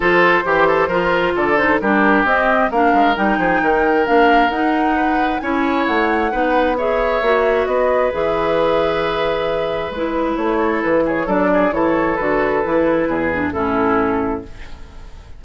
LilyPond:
<<
  \new Staff \with { instrumentName = "flute" } { \time 4/4 \tempo 4 = 133 c''2. d''8 c''8 | ais'4 dis''4 f''4 g''4~ | g''4 f''4 fis''2 | gis''4 fis''2 e''4~ |
e''4 dis''4 e''2~ | e''2 b'4 cis''4 | b'8 cis''8 d''4 cis''4 b'4~ | b'2 a'2 | }
  \new Staff \with { instrumentName = "oboe" } { \time 4/4 a'4 g'8 a'8 ais'4 a'4 | g'2 ais'4. gis'8 | ais'2. b'4 | cis''2 b'4 cis''4~ |
cis''4 b'2.~ | b'2.~ b'8 a'8~ | a'8 gis'8 a'8 gis'8 a'2~ | a'4 gis'4 e'2 | }
  \new Staff \with { instrumentName = "clarinet" } { \time 4/4 f'4 g'4 f'4. dis'8 | d'4 c'4 d'4 dis'4~ | dis'4 d'4 dis'2 | e'2 dis'4 gis'4 |
fis'2 gis'2~ | gis'2 e'2~ | e'4 d'4 e'4 fis'4 | e'4. d'8 cis'2 | }
  \new Staff \with { instrumentName = "bassoon" } { \time 4/4 f4 e4 f4 d4 | g4 c'4 ais8 gis8 g8 f8 | dis4 ais4 dis'2 | cis'4 a4 b2 |
ais4 b4 e2~ | e2 gis4 a4 | e4 fis4 e4 d4 | e4 e,4 a,2 | }
>>